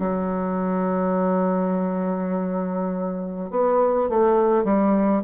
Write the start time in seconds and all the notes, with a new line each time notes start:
0.00 F#3
3.51 B3
4.10 A3
4.64 G3